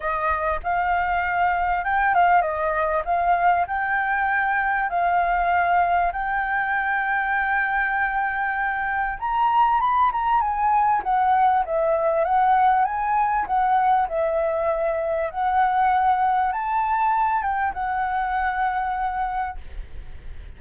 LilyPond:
\new Staff \with { instrumentName = "flute" } { \time 4/4 \tempo 4 = 98 dis''4 f''2 g''8 f''8 | dis''4 f''4 g''2 | f''2 g''2~ | g''2. ais''4 |
b''8 ais''8 gis''4 fis''4 e''4 | fis''4 gis''4 fis''4 e''4~ | e''4 fis''2 a''4~ | a''8 g''8 fis''2. | }